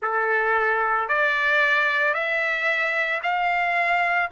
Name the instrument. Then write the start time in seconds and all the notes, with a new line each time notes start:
trumpet
0.02 A4
1.08 D5
2.14 E5
3.22 F5